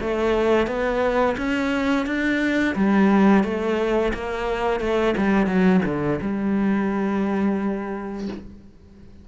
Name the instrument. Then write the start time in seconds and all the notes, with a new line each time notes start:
cello
0.00 A3
0.67 B3
1.37 C#4
2.06 D4
2.76 G3
3.44 A3
4.14 A#3
4.80 A3
5.17 G3
5.47 F#3
5.85 D3
6.21 G3